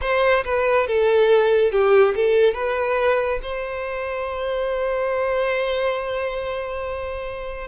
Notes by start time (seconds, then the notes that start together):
0.01 C5
0.44 B4
0.87 A4
1.71 G4
2.15 A4
2.54 B4
3.42 C5